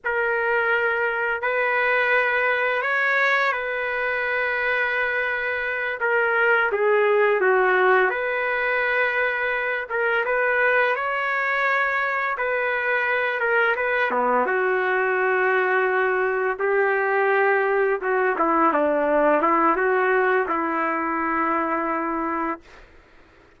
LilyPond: \new Staff \with { instrumentName = "trumpet" } { \time 4/4 \tempo 4 = 85 ais'2 b'2 | cis''4 b'2.~ | b'8 ais'4 gis'4 fis'4 b'8~ | b'2 ais'8 b'4 cis''8~ |
cis''4. b'4. ais'8 b'8 | b8 fis'2. g'8~ | g'4. fis'8 e'8 d'4 e'8 | fis'4 e'2. | }